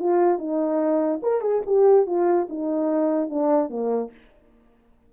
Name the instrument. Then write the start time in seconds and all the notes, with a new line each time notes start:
horn
0.00 F4
0.39 D#4
1.23 A#4
1.42 G#4
1.67 G4
2.07 F4
2.50 D#4
3.30 D4
3.70 A#3